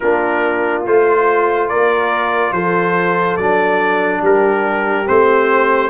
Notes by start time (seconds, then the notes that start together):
0.00 A#3 D4 F4 A#4
0.86 A3 F4 C5
1.68 A#3 A#4 D5
2.52 F3 A4 C5
3.36 F#3 D4 D5
4.21 G3 G4 A#4
5.06 A3 C4 C5